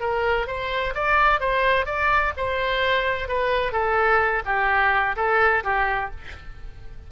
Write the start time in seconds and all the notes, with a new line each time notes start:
0.00 A#4
0.47 C5
0.95 D5
1.40 C5
1.86 D5
2.37 C5
3.28 B4
3.72 A4
4.45 G4
5.16 A4
5.64 G4